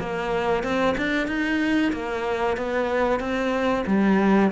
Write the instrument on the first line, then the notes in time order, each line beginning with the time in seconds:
cello
0.00 A#3
0.63 C4
0.97 D4
1.28 D#4
1.92 A#3
2.57 B3
3.20 C4
3.87 G3